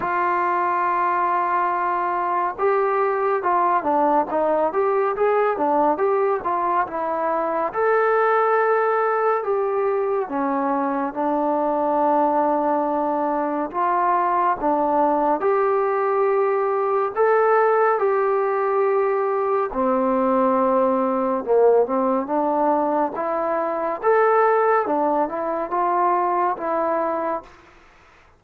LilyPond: \new Staff \with { instrumentName = "trombone" } { \time 4/4 \tempo 4 = 70 f'2. g'4 | f'8 d'8 dis'8 g'8 gis'8 d'8 g'8 f'8 | e'4 a'2 g'4 | cis'4 d'2. |
f'4 d'4 g'2 | a'4 g'2 c'4~ | c'4 ais8 c'8 d'4 e'4 | a'4 d'8 e'8 f'4 e'4 | }